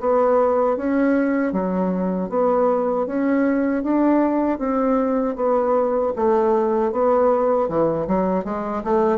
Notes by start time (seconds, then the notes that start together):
0.00 B3
0.77 C#4
1.52 F#3
2.29 B3
3.06 C#4
3.83 D4
4.58 C4
5.36 B3
6.16 A3
6.92 B3
7.69 E3
8.07 F#3
8.44 G#3
8.84 A3